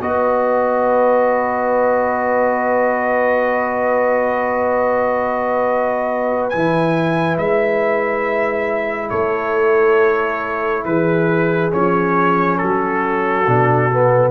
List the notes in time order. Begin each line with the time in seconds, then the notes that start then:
0.00 B3 F#4 B4 D#5
6.49 E3 E4 G#5
7.37 G#3 E5
9.10 A3 A4 C#5
10.85 E3 G#4 B4
11.71 F3 C#4 C#5
12.58 F#3 F#4 A4
13.47 B2 D4
13.91 B3